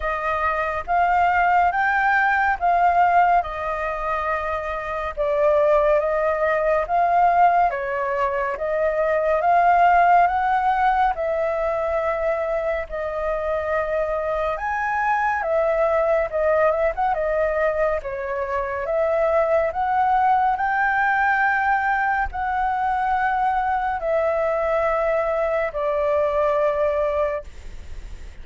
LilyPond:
\new Staff \with { instrumentName = "flute" } { \time 4/4 \tempo 4 = 70 dis''4 f''4 g''4 f''4 | dis''2 d''4 dis''4 | f''4 cis''4 dis''4 f''4 | fis''4 e''2 dis''4~ |
dis''4 gis''4 e''4 dis''8 e''16 fis''16 | dis''4 cis''4 e''4 fis''4 | g''2 fis''2 | e''2 d''2 | }